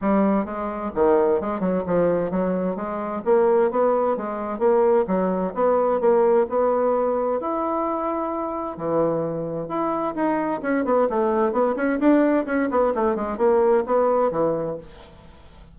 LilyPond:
\new Staff \with { instrumentName = "bassoon" } { \time 4/4 \tempo 4 = 130 g4 gis4 dis4 gis8 fis8 | f4 fis4 gis4 ais4 | b4 gis4 ais4 fis4 | b4 ais4 b2 |
e'2. e4~ | e4 e'4 dis'4 cis'8 b8 | a4 b8 cis'8 d'4 cis'8 b8 | a8 gis8 ais4 b4 e4 | }